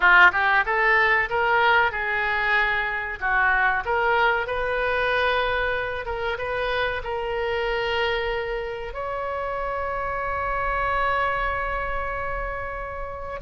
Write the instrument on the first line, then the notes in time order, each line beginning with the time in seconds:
oboe
0.00 F4
0.32 G4
0.65 A4
1.29 A#4
1.91 G#4
3.19 F#4
3.85 A#4
4.47 B4
6.05 A#4
6.38 B4
7.03 A#4
8.93 C#5